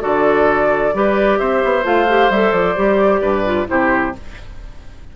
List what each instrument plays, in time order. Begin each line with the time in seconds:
0.00 bassoon D3, clarinet F#4, oboe A4, flute D5
0.93 bassoon G3, clarinet G4, oboe B4
1.38 bassoon C4, oboe C5, flute E5
1.64 bassoon B3
1.83 bassoon A3, clarinet F4, flute F5
2.08 clarinet G4
2.29 bassoon G3, clarinet A4, flute E5
2.52 bassoon F3, flute D5
2.76 bassoon G3, clarinet G4
3.21 bassoon G2, oboe B4
3.45 clarinet F4
3.66 bassoon C3, clarinet E4, oboe G4, flute C5